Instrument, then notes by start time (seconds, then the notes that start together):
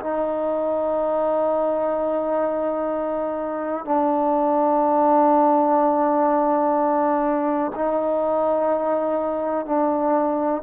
trombone
0.00 D#4
3.85 D4
7.76 D#4
9.66 D4